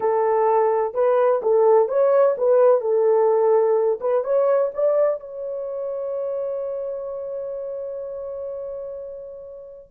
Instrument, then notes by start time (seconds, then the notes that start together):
horn
0.00 A4
0.93 B4
1.42 A4
1.88 C#5
2.37 B4
2.80 A4
4.00 B4
4.24 C#5
4.74 D5
5.20 C#5